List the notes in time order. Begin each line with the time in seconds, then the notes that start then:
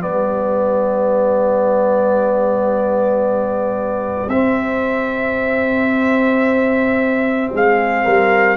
0.00 G3 B3 G4 D5
4.28 C4 E5
7.52 G#3 G#4 F5
8.05 G3 A#4